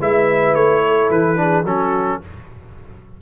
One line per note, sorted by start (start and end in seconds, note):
0.00 0.54 G#3
0.00 1.36 E4
0.00 0.83 B4
0.00 0.54 E5
0.54 1.09 A3
0.54 1.09 C#5
0.86 1.40 A4
1.10 1.64 E3
1.10 1.65 B4
1.36 1.63 D4
1.36 1.65 G#4
1.64 2.19 F#3
1.64 2.21 C#4
1.64 2.20 F#4
1.64 2.21 A4